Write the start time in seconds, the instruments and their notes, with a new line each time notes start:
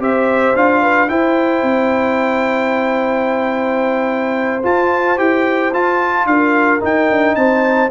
0.00 tuba C4, trombone G4, horn C5, trumpet E5
0.56 tuba D4, trombone F4, trumpet F5
0.82 horn B4
1.09 trombone E4, tuba E4, horn C5, trumpet G5
1.63 tuba C4
4.64 trombone F4, tuba F4, trumpet A5
5.17 tuba E4, trombone G4, trumpet G5
5.73 tuba F4, trombone F4, trumpet A5
6.26 tuba D4, horn A#4, trumpet F5
6.80 trombone D#4, tuba D#4, trumpet G5
7.11 tuba D4
7.35 tuba C4, horn C5, trumpet A5